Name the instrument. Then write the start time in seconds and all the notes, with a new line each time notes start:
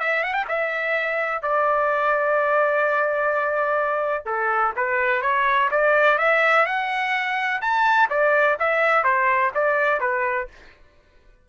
trumpet
0.00 E5
0.23 F#5
0.33 G5
0.49 E5
1.43 D5
4.26 A4
4.76 B4
5.22 C#5
5.71 D5
6.19 E5
6.66 F#5
7.62 A5
8.10 D5
8.59 E5
9.04 C5
9.55 D5
10.00 B4